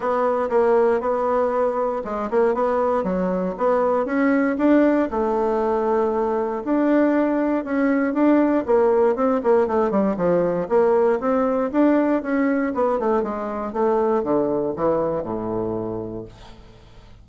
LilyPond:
\new Staff \with { instrumentName = "bassoon" } { \time 4/4 \tempo 4 = 118 b4 ais4 b2 | gis8 ais8 b4 fis4 b4 | cis'4 d'4 a2~ | a4 d'2 cis'4 |
d'4 ais4 c'8 ais8 a8 g8 | f4 ais4 c'4 d'4 | cis'4 b8 a8 gis4 a4 | d4 e4 a,2 | }